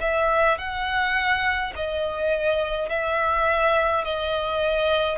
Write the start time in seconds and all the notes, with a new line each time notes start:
0.00 E5
0.58 F#5
1.76 D#5
2.89 E5
4.04 D#5